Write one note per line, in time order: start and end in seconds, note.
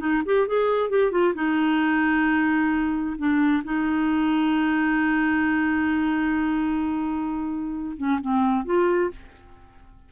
0.00 0.23 D#4
0.26 0.48 G4
0.48 0.90 G#4
0.90 1.11 G4
1.11 1.34 F4
1.35 3.17 D#4
3.18 3.63 D4
3.65 7.96 D#4
7.97 8.20 C#4
8.21 8.65 C4
8.65 9.11 F4